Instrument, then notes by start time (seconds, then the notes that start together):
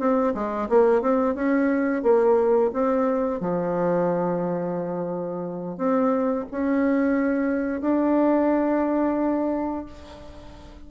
bassoon
0.00 C4
0.35 G#3
0.70 A#3
1.02 C4
1.35 C#4
2.03 A#3
2.74 C4
3.41 F3
5.78 C4
6.51 C#4
7.82 D4